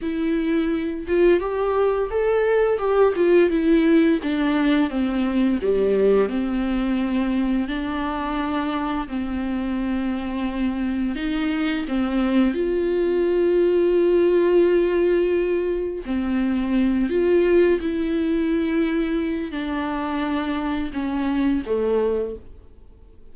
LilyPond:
\new Staff \with { instrumentName = "viola" } { \time 4/4 \tempo 4 = 86 e'4. f'8 g'4 a'4 | g'8 f'8 e'4 d'4 c'4 | g4 c'2 d'4~ | d'4 c'2. |
dis'4 c'4 f'2~ | f'2. c'4~ | c'8 f'4 e'2~ e'8 | d'2 cis'4 a4 | }